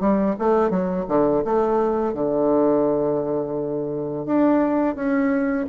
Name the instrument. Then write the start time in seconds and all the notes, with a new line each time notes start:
bassoon
0.00 G3
0.39 A3
0.70 F#3
1.08 D3
1.45 A3
2.14 D3
4.26 D4
4.95 C#4